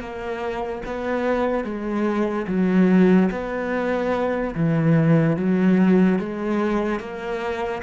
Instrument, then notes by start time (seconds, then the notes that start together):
cello
0.00 A#3
0.86 B3
1.64 G#3
2.47 F#3
3.31 B3
4.55 E3
5.36 F#3
6.19 G#3
6.99 A#3